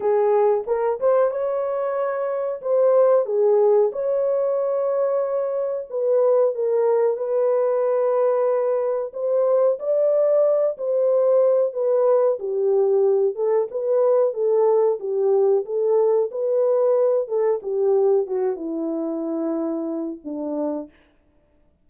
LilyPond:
\new Staff \with { instrumentName = "horn" } { \time 4/4 \tempo 4 = 92 gis'4 ais'8 c''8 cis''2 | c''4 gis'4 cis''2~ | cis''4 b'4 ais'4 b'4~ | b'2 c''4 d''4~ |
d''8 c''4. b'4 g'4~ | g'8 a'8 b'4 a'4 g'4 | a'4 b'4. a'8 g'4 | fis'8 e'2~ e'8 d'4 | }